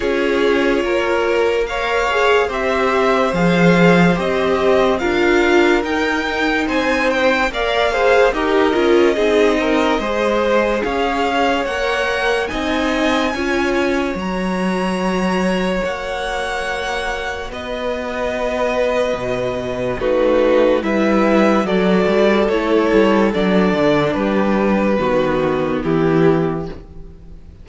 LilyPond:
<<
  \new Staff \with { instrumentName = "violin" } { \time 4/4 \tempo 4 = 72 cis''2 f''4 e''4 | f''4 dis''4 f''4 g''4 | gis''8 g''8 f''4 dis''2~ | dis''4 f''4 fis''4 gis''4~ |
gis''4 ais''2 fis''4~ | fis''4 dis''2. | b'4 e''4 d''4 cis''4 | d''4 b'2 g'4 | }
  \new Staff \with { instrumentName = "violin" } { \time 4/4 gis'4 ais'4 cis''4 c''4~ | c''2 ais'2 | c''4 d''8 c''8 ais'4 gis'8 ais'8 | c''4 cis''2 dis''4 |
cis''1~ | cis''4 b'2. | fis'4 b'4 a'2~ | a'4 g'4 fis'4 e'4 | }
  \new Staff \with { instrumentName = "viola" } { \time 4/4 f'2 ais'8 gis'8 g'4 | gis'4 g'4 f'4 dis'4~ | dis'4 ais'8 gis'8 g'8 f'8 dis'4 | gis'2 ais'4 dis'4 |
f'4 fis'2.~ | fis'1 | dis'4 e'4 fis'4 e'4 | d'2 b2 | }
  \new Staff \with { instrumentName = "cello" } { \time 4/4 cis'4 ais2 c'4 | f4 c'4 d'4 dis'4 | c'4 ais4 dis'8 cis'8 c'4 | gis4 cis'4 ais4 c'4 |
cis'4 fis2 ais4~ | ais4 b2 b,4 | a4 g4 fis8 g8 a8 g8 | fis8 d8 g4 dis4 e4 | }
>>